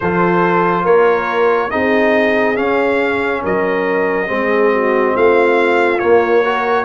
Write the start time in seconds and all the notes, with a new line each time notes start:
0.00 F3 F4 A4 C5
0.84 A#3 A#4 C#5
1.70 C4 D#4 G#4 D#5
2.55 C#4 F5
3.42 F#3 A#4 D#5
4.26 G#3 C4 G#4
4.72 F#4
5.14 A3 F4 F5
5.99 A#3 C#5
6.42 F#4 A#4